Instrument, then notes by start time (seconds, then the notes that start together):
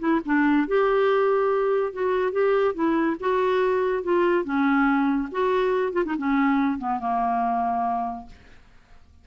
clarinet
0.00 E4
0.26 D4
0.68 G4
1.93 F#4
2.32 G4
2.75 E4
3.21 F#4
4.04 F4
4.45 C#4
5.32 F#4
5.93 F4
6.06 D#4
6.19 C#4
6.79 B3
7.00 A#3